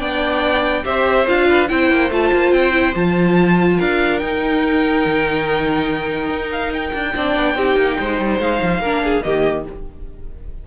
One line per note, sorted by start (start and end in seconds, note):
0.00 0.85 B3
0.00 0.84 D4
0.00 0.84 D5
0.00 0.85 G5
0.84 1.27 C4
0.84 1.26 G4
0.84 1.48 C5
0.84 1.27 E5
1.27 1.71 D4
1.27 1.69 F4
1.27 1.69 F5
1.49 1.70 B4
1.69 1.91 C4
1.69 2.11 E4
1.69 3.78 C5
1.69 2.10 G5
1.91 2.11 A#3
2.11 2.32 A3
2.11 2.73 F4
2.11 2.53 A5
2.33 2.52 A#3
2.52 2.94 C4
2.52 2.95 G5
2.73 2.94 E4
2.95 3.79 F3
2.95 4.20 F4
2.95 3.80 A5
3.78 4.22 D4
3.78 7.13 A#4
3.78 4.19 F5
4.19 7.14 D#4
4.19 5.06 D#4
4.19 6.50 G5
5.06 6.30 D#3
6.30 6.93 D#4
6.52 6.73 F5
6.74 8.41 G5
6.94 7.15 D4
7.16 7.36 C4
7.16 7.57 D4
7.16 7.57 D5
7.36 7.56 B3
7.56 7.77 C4
7.56 8.83 D#4
7.56 7.99 G4
7.77 7.98 A#3
8.00 8.20 G#3
8.00 8.81 C5
8.20 8.40 G3
8.40 8.60 G#3
8.40 9.23 F5
8.63 8.79 F3
8.79 9.21 A#3
8.79 9.02 A#4
8.85 9.24 D4
9.04 9.25 G#4
9.23 9.67 D#3
9.23 9.66 A#3
9.23 9.68 G4
9.23 9.65 D#5